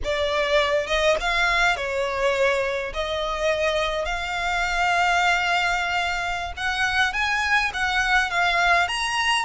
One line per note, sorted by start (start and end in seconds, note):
0.04 0.86 D5
0.86 1.15 D#5
1.20 1.76 F5
1.76 2.93 C#5
2.93 4.05 D#5
4.05 6.52 F5
6.57 7.13 F#5
7.13 7.71 G#5
7.73 8.30 F#5
8.30 8.88 F5
8.88 9.45 A#5